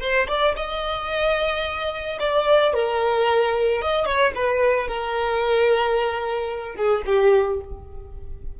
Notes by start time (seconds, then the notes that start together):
0.00 C5
0.28 D5
0.56 D#5
2.19 D5
2.74 A#4
3.82 D#5
4.05 C#5
4.35 B4
4.87 A#4
6.75 G#4
7.06 G4